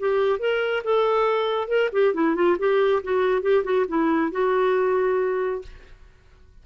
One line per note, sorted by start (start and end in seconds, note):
0.00 0.40 G4
0.40 0.83 A#4
0.84 1.68 A4
1.68 1.90 A#4
1.93 2.14 G4
2.14 2.35 E4
2.35 2.57 F4
2.59 3.03 G4
3.04 3.42 F#4
3.42 3.64 G4
3.64 3.86 F#4
3.88 4.32 E4
4.32 5.62 F#4